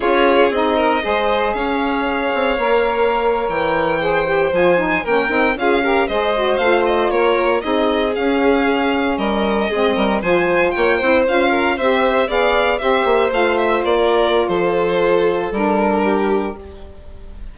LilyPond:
<<
  \new Staff \with { instrumentName = "violin" } { \time 4/4 \tempo 4 = 116 cis''4 dis''2 f''4~ | f''2~ f''8. g''4~ g''16~ | g''8. gis''4 g''4 f''4 dis''16~ | dis''8. f''8 dis''8 cis''4 dis''4 f''16~ |
f''4.~ f''16 dis''2 gis''16~ | gis''8. g''4 f''4 e''4 f''16~ | f''8. e''4 f''8 e''8 d''4~ d''16 | c''2 ais'2 | }
  \new Staff \with { instrumentName = "violin" } { \time 4/4 gis'4. ais'8 c''4 cis''4~ | cis''2.~ cis''8. c''16~ | c''4.~ c''16 ais'4 gis'8 ais'8 c''16~ | c''4.~ c''16 ais'4 gis'4~ gis'16~ |
gis'4.~ gis'16 ais'4 gis'8 ais'8 c''16~ | c''8. cis''8 c''4 ais'8 c''4 d''16~ | d''8. c''2~ c''16 ais'4 | a'2. g'4 | }
  \new Staff \with { instrumentName = "saxophone" } { \time 4/4 f'4 dis'4 gis'2~ | gis'4 ais'2~ ais'8. gis'16~ | gis'16 g'8 f'8 dis'8 cis'8 dis'8 f'8 g'8 gis'16~ | gis'16 fis'8 f'2 dis'4 cis'16~ |
cis'2~ cis'8. c'4 f'16~ | f'4~ f'16 e'8 f'4 g'4 gis'16~ | gis'8. g'4 f'2~ f'16~ | f'2 d'2 | }
  \new Staff \with { instrumentName = "bassoon" } { \time 4/4 cis'4 c'4 gis4 cis'4~ | cis'8 c'8 ais4.~ ais16 e4~ e16~ | e8. f4 ais8 c'8 cis'4 gis16~ | gis8. a4 ais4 c'4 cis'16~ |
cis'4.~ cis'16 g4 gis8 g8 f16~ | f8. ais8 c'8 cis'4 c'4 b16~ | b8. c'8 ais8 a4 ais4~ ais16 | f2 g2 | }
>>